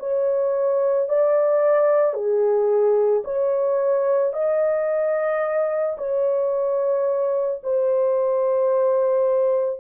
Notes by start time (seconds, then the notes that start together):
0.00 C#5
1.09 D5
2.14 G#4
3.24 C#5
4.33 D#5
5.98 C#5
7.64 C5